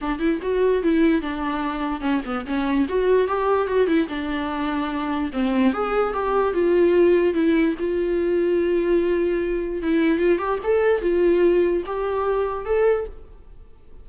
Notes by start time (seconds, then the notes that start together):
0.01 D4
0.19 E4
0.42 F#4
0.82 E4
1.21 D4
2.00 C#4
2.25 B3
2.45 C#4
2.88 F#4
3.27 G4
3.67 F#4
3.87 E4
4.08 D4
5.32 C4
5.73 G#4
6.13 G4
6.53 F4
7.33 E4
7.79 F4
9.82 E4
10.18 F4
10.38 G4
10.63 A4
11.01 F4
11.86 G4
12.65 A4